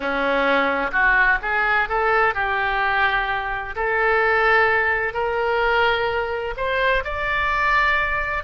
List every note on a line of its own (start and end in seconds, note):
0.00 0.91 C#4
0.92 1.38 F#4
1.42 1.88 G#4
1.88 2.34 A4
2.34 3.75 G4
3.75 5.13 A4
5.13 6.54 A#4
6.56 7.03 C5
7.04 8.43 D5